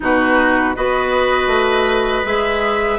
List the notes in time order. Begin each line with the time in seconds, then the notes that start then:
0.00 B2 D#4 F#4 B4
0.74 B3 F#4 B4 D#5
1.47 A3
2.25 G#3 G#4 E5